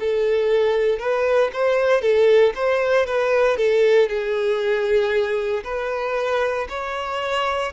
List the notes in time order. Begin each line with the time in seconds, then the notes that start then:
0.00 A4
0.99 B4
1.53 C5
2.01 A4
2.55 C5
3.06 B4
3.57 A4
4.09 G#4
5.64 B4
6.69 C#5